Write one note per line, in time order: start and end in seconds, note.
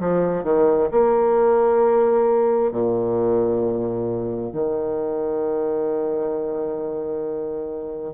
0.00 0.44 F3
0.44 0.90 D#3
0.92 2.72 A#3
2.72 4.53 A#2
4.53 8.14 D#3